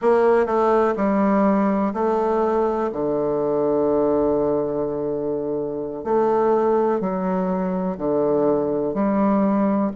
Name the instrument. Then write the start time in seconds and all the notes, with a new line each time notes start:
bassoon
0.01 A#3
0.46 A3
0.96 G3
1.93 A3
2.92 D3
6.04 A3
7.00 F#3
7.97 D3
8.94 G3